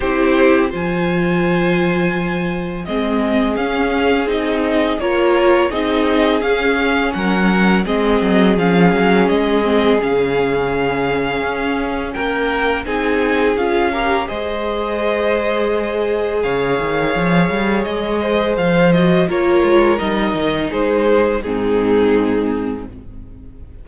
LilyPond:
<<
  \new Staff \with { instrumentName = "violin" } { \time 4/4 \tempo 4 = 84 c''4 gis''2. | dis''4 f''4 dis''4 cis''4 | dis''4 f''4 fis''4 dis''4 | f''4 dis''4 f''2~ |
f''4 g''4 gis''4 f''4 | dis''2. f''4~ | f''4 dis''4 f''8 dis''8 cis''4 | dis''4 c''4 gis'2 | }
  \new Staff \with { instrumentName = "violin" } { \time 4/4 g'4 c''2. | gis'2. ais'4 | gis'2 ais'4 gis'4~ | gis'1~ |
gis'4 ais'4 gis'4. ais'8 | c''2. cis''4~ | cis''4. c''4. ais'4~ | ais'4 gis'4 dis'2 | }
  \new Staff \with { instrumentName = "viola" } { \time 4/4 e'4 f'2. | c'4 cis'4 dis'4 f'4 | dis'4 cis'2 c'4 | cis'4. c'8 cis'2~ |
cis'2 dis'4 f'8 g'8 | gis'1~ | gis'2~ gis'8 fis'8 f'4 | dis'2 c'2 | }
  \new Staff \with { instrumentName = "cello" } { \time 4/4 c'4 f2. | gis4 cis'4 c'4 ais4 | c'4 cis'4 fis4 gis8 fis8 | f8 fis8 gis4 cis2 |
cis'4 ais4 c'4 cis'4 | gis2. cis8 dis8 | f8 g8 gis4 f4 ais8 gis8 | g8 dis8 gis4 gis,2 | }
>>